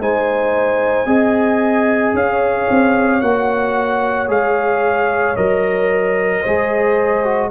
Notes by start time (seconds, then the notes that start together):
0.00 G#3 D#4 C5 G#5
1.06 C4 G#4 D#5
2.14 C#4 C#5 F5
2.70 C4
3.21 A#3 F#4 F#5
4.28 G#3 G#4 F5
5.36 F#3 A#4 D#5
6.42 G#3 G#4 C5
7.24 F#4